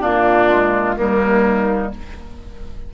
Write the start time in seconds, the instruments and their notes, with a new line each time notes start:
0.00 bassoon A#2, clarinet A#3, oboe D4, flute F4
0.50 clarinet G#3
0.96 bassoon D#2, clarinet G3, oboe A#3, flute D#4